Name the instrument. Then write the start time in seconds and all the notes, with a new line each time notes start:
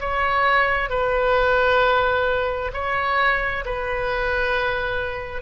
oboe
0.00 C#5
0.90 B4
2.74 C#5
3.65 B4